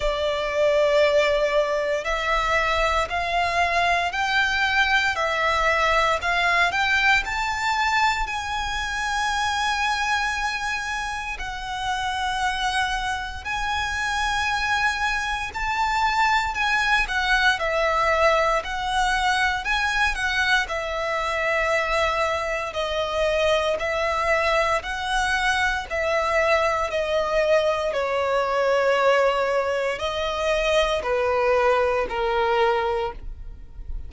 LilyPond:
\new Staff \with { instrumentName = "violin" } { \time 4/4 \tempo 4 = 58 d''2 e''4 f''4 | g''4 e''4 f''8 g''8 a''4 | gis''2. fis''4~ | fis''4 gis''2 a''4 |
gis''8 fis''8 e''4 fis''4 gis''8 fis''8 | e''2 dis''4 e''4 | fis''4 e''4 dis''4 cis''4~ | cis''4 dis''4 b'4 ais'4 | }